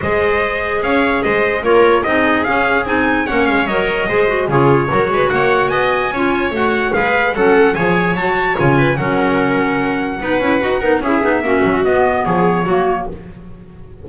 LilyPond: <<
  \new Staff \with { instrumentName = "trumpet" } { \time 4/4 \tempo 4 = 147 dis''2 f''4 dis''4 | cis''4 dis''4 f''4 gis''4 | fis''8 f''8 dis''2 cis''4~ | cis''4 fis''4 gis''2 |
fis''4 f''4 fis''4 gis''4 | a''4 gis''4 fis''2~ | fis''2. e''4~ | e''4 dis''4 cis''2 | }
  \new Staff \with { instrumentName = "viola" } { \time 4/4 c''2 cis''4 c''4 | ais'4 gis'2. | cis''2 c''4 gis'4 | ais'8 b'8 cis''4 dis''4 cis''4~ |
cis''4 b'4 a'4 cis''4~ | cis''4. b'8 ais'2~ | ais'4 b'4. ais'8 gis'4 | fis'2 gis'4 fis'4 | }
  \new Staff \with { instrumentName = "clarinet" } { \time 4/4 gis'1 | f'4 dis'4 cis'4 dis'4 | cis'4 ais'4 gis'8 fis'8 f'4 | fis'2. f'4 |
fis'4 gis'4 cis'4 gis'4 | fis'4 f'4 cis'2~ | cis'4 dis'8 e'8 fis'8 dis'8 e'8 dis'8 | cis'4 b2 ais4 | }
  \new Staff \with { instrumentName = "double bass" } { \time 4/4 gis2 cis'4 gis4 | ais4 c'4 cis'4 c'4 | ais8 gis8 fis4 gis4 cis4 | fis8 gis8 ais4 b4 cis'4 |
a4 gis4 fis4 f4 | fis4 cis4 fis2~ | fis4 b8 cis'8 dis'8 b8 cis'8 b8 | ais8 fis8 b4 f4 fis4 | }
>>